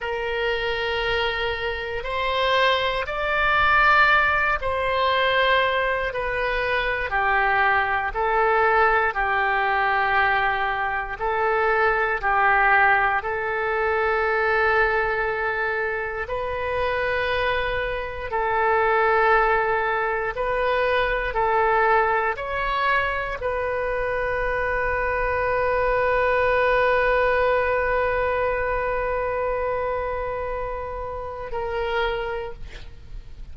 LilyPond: \new Staff \with { instrumentName = "oboe" } { \time 4/4 \tempo 4 = 59 ais'2 c''4 d''4~ | d''8 c''4. b'4 g'4 | a'4 g'2 a'4 | g'4 a'2. |
b'2 a'2 | b'4 a'4 cis''4 b'4~ | b'1~ | b'2. ais'4 | }